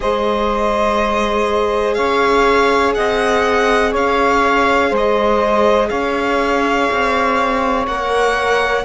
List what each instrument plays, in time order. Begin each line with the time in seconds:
0.00 cello G#3, viola G#4, saxophone C5, violin D#5
1.94 cello C#4, saxophone C#5, violin F5
2.94 cello C4, saxophone D#5, violin F#5
3.91 cello C#4, saxophone C#5, violin F5
4.89 cello G#3, saxophone C5
4.97 violin D#5
5.89 cello C#4, saxophone C#5, violin F5
6.90 cello C4
7.87 cello A#3, viola A#4, violin F#5